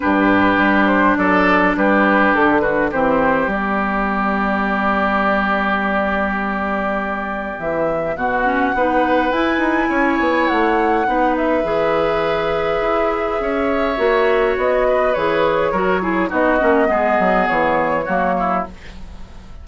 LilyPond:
<<
  \new Staff \with { instrumentName = "flute" } { \time 4/4 \tempo 4 = 103 b'4. c''8 d''4 b'4 | a'8 b'8 c''4 d''2~ | d''1~ | d''4 e''4 fis''2 |
gis''2 fis''4. e''8~ | e''1~ | e''4 dis''4 cis''2 | dis''2 cis''2 | }
  \new Staff \with { instrumentName = "oboe" } { \time 4/4 g'2 a'4 g'4~ | g'8 fis'8 g'2.~ | g'1~ | g'2 fis'4 b'4~ |
b'4 cis''2 b'4~ | b'2. cis''4~ | cis''4. b'4. ais'8 gis'8 | fis'4 gis'2 fis'8 e'8 | }
  \new Staff \with { instrumentName = "clarinet" } { \time 4/4 d'1~ | d'4 c'4 b2~ | b1~ | b2~ b8 cis'8 dis'4 |
e'2. dis'4 | gis'1 | fis'2 gis'4 fis'8 e'8 | dis'8 cis'8 b2 ais4 | }
  \new Staff \with { instrumentName = "bassoon" } { \time 4/4 g,4 g4 fis4 g4 | d4 e4 g2~ | g1~ | g4 e4 b,4 b4 |
e'8 dis'8 cis'8 b8 a4 b4 | e2 e'4 cis'4 | ais4 b4 e4 fis4 | b8 ais8 gis8 fis8 e4 fis4 | }
>>